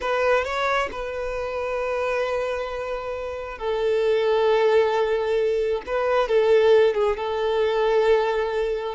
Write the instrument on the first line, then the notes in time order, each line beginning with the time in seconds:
violin
0.00 B4
0.44 C#5
0.91 B4
3.58 A4
5.86 B4
6.28 A4
6.94 G#4
7.16 A4